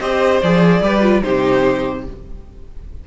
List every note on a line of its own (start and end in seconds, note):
0.00 0.42 C4
0.00 0.42 G4
0.00 0.82 C5
0.00 0.41 D#5
0.42 0.82 F3
0.42 0.84 G#4
0.42 1.23 D5
0.82 1.22 G3
0.82 1.02 G4
0.82 1.24 B4
1.02 1.22 F4
1.23 2.07 C3
1.23 2.05 D#4
1.23 2.06 G4
1.23 2.04 C5